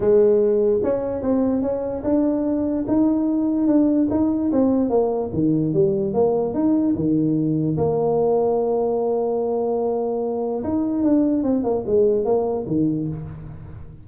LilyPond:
\new Staff \with { instrumentName = "tuba" } { \time 4/4 \tempo 4 = 147 gis2 cis'4 c'4 | cis'4 d'2 dis'4~ | dis'4 d'4 dis'4 c'4 | ais4 dis4 g4 ais4 |
dis'4 dis2 ais4~ | ais1~ | ais2 dis'4 d'4 | c'8 ais8 gis4 ais4 dis4 | }